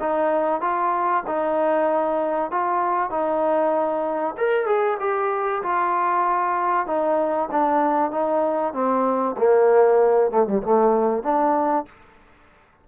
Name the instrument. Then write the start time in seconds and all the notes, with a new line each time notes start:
trombone
0.00 D#4
0.61 F4
1.27 D#4
2.51 F4
3.10 D#4
4.38 A#4
4.66 G#4
5.00 G4
5.62 F4
6.87 D#4
7.51 D4
8.11 D#4
8.73 C4
9.38 A#3
10.31 A3
10.47 G3
10.63 A3
11.23 D4